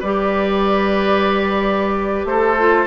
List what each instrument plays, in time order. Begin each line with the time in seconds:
0.00 bassoon G3, clarinet G4, oboe B4, flute D5
2.25 bassoon A3, oboe A4, flute C5
2.59 clarinet F4